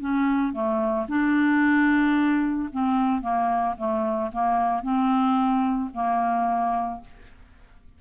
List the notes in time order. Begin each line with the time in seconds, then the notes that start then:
0.00 C#4
0.53 A3
1.08 D4
2.72 C4
3.21 A#3
3.77 A3
4.32 A#3
4.82 C4
5.93 A#3